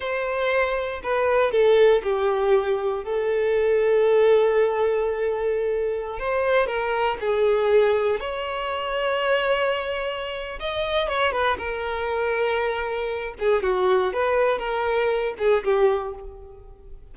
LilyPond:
\new Staff \with { instrumentName = "violin" } { \time 4/4 \tempo 4 = 119 c''2 b'4 a'4 | g'2 a'2~ | a'1~ | a'16 c''4 ais'4 gis'4.~ gis'16~ |
gis'16 cis''2.~ cis''8.~ | cis''4 dis''4 cis''8 b'8 ais'4~ | ais'2~ ais'8 gis'8 fis'4 | b'4 ais'4. gis'8 g'4 | }